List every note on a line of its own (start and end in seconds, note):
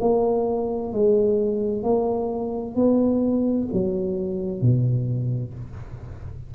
0.00 0.92 A#3
0.92 1.83 G#3
1.83 2.75 A#3
2.75 3.68 B3
3.72 4.61 F#3
4.61 5.53 B2